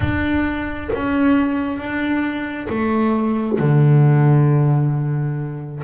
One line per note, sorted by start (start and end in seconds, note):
0.00 0.90 D4
0.93 1.77 C#4
1.77 2.67 D4
2.69 3.58 A3
3.58 5.82 D3